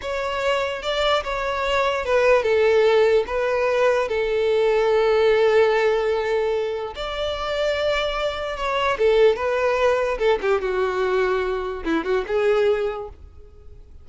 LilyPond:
\new Staff \with { instrumentName = "violin" } { \time 4/4 \tempo 4 = 147 cis''2 d''4 cis''4~ | cis''4 b'4 a'2 | b'2 a'2~ | a'1~ |
a'4 d''2.~ | d''4 cis''4 a'4 b'4~ | b'4 a'8 g'8 fis'2~ | fis'4 e'8 fis'8 gis'2 | }